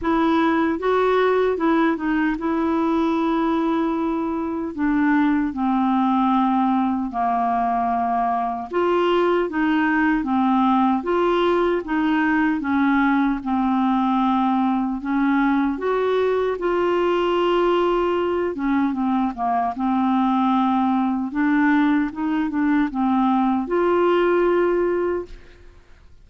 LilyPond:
\new Staff \with { instrumentName = "clarinet" } { \time 4/4 \tempo 4 = 76 e'4 fis'4 e'8 dis'8 e'4~ | e'2 d'4 c'4~ | c'4 ais2 f'4 | dis'4 c'4 f'4 dis'4 |
cis'4 c'2 cis'4 | fis'4 f'2~ f'8 cis'8 | c'8 ais8 c'2 d'4 | dis'8 d'8 c'4 f'2 | }